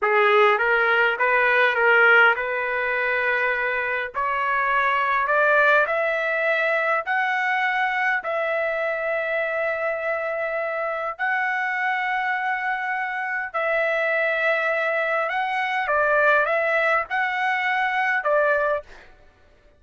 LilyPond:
\new Staff \with { instrumentName = "trumpet" } { \time 4/4 \tempo 4 = 102 gis'4 ais'4 b'4 ais'4 | b'2. cis''4~ | cis''4 d''4 e''2 | fis''2 e''2~ |
e''2. fis''4~ | fis''2. e''4~ | e''2 fis''4 d''4 | e''4 fis''2 d''4 | }